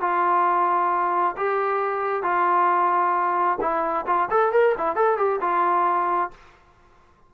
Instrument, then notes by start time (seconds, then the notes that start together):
trombone
0.00 F4
1.37 G4
2.22 F4
3.60 E4
4.06 F4
4.30 A4
4.52 A#4
4.77 E4
4.95 A4
5.17 G4
5.40 F4